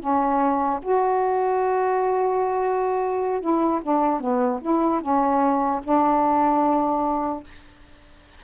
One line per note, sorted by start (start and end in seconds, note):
0.00 0.80 C#4
0.83 3.41 F#4
3.41 3.81 E4
3.83 4.20 D4
4.20 4.60 B3
4.62 5.01 E4
5.01 5.81 C#4
5.84 7.44 D4